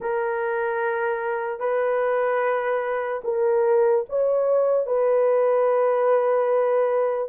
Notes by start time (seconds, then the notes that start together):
0.00 A#4
1.59 B4
3.24 A#4
4.09 C#5
4.86 B4